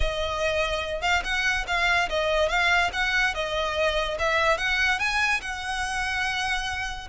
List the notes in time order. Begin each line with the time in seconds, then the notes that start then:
0.00 D#5
1.01 F5
1.24 F#5
1.67 F5
2.09 D#5
2.48 F5
2.92 F#5
3.34 D#5
4.18 E5
4.57 F#5
4.99 G#5
5.41 F#5